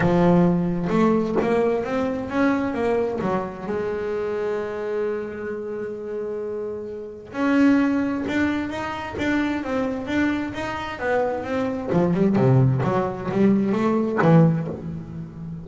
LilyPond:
\new Staff \with { instrumentName = "double bass" } { \time 4/4 \tempo 4 = 131 f2 a4 ais4 | c'4 cis'4 ais4 fis4 | gis1~ | gis1 |
cis'2 d'4 dis'4 | d'4 c'4 d'4 dis'4 | b4 c'4 f8 g8 c4 | fis4 g4 a4 e4 | }